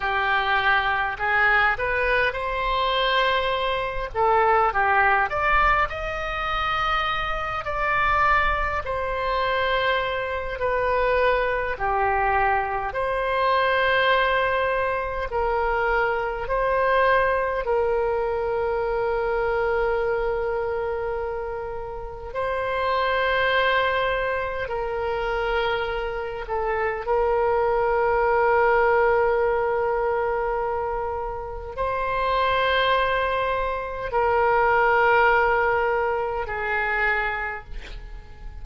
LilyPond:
\new Staff \with { instrumentName = "oboe" } { \time 4/4 \tempo 4 = 51 g'4 gis'8 b'8 c''4. a'8 | g'8 d''8 dis''4. d''4 c''8~ | c''4 b'4 g'4 c''4~ | c''4 ais'4 c''4 ais'4~ |
ais'2. c''4~ | c''4 ais'4. a'8 ais'4~ | ais'2. c''4~ | c''4 ais'2 gis'4 | }